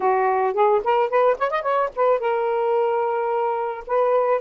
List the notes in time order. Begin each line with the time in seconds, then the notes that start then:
0.00 F#4
0.53 G#4
0.84 A#4
1.09 B4
1.38 C#5
1.50 D#5
1.62 C#5
1.95 B4
2.19 A#4
3.86 B4